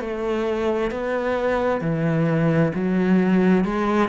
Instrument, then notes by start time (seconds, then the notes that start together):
cello
0.00 A3
0.91 B3
1.81 E3
2.75 F#3
3.64 G#3